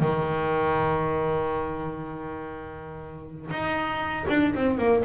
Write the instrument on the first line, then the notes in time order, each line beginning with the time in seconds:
double bass
0.00 D#3
3.50 D#4
4.28 D4
4.54 C4
4.77 A#3